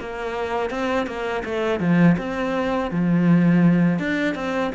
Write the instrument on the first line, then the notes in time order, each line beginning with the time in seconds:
cello
0.00 A#3
0.70 C4
1.06 A#3
1.45 A3
1.80 F3
2.18 C4
2.91 F3
3.99 D4
4.35 C4